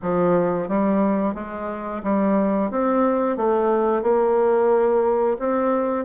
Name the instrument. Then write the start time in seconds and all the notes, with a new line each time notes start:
bassoon
0.02 F3
0.68 G3
1.34 G#3
2.03 G3
2.70 C4
3.36 A3
4.02 A#3
5.39 C4